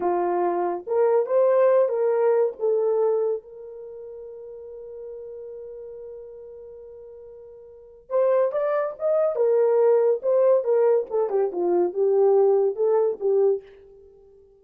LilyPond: \new Staff \with { instrumentName = "horn" } { \time 4/4 \tempo 4 = 141 f'2 ais'4 c''4~ | c''8 ais'4. a'2 | ais'1~ | ais'1~ |
ais'2. c''4 | d''4 dis''4 ais'2 | c''4 ais'4 a'8 g'8 f'4 | g'2 a'4 g'4 | }